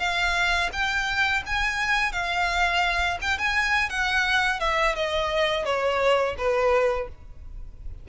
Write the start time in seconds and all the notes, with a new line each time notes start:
0.00 F5
0.73 G5
1.47 G#5
2.13 F5
3.22 G5
3.39 G#5
3.90 F#5
4.60 E5
4.96 D#5
5.66 C#5
6.38 B4